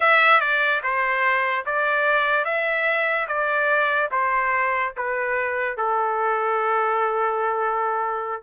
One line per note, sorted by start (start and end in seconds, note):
0.00 0.40 E5
0.40 0.81 D5
0.83 1.65 C5
1.65 2.44 D5
2.44 3.27 E5
3.27 4.09 D5
4.11 4.93 C5
4.96 5.77 B4
5.77 8.42 A4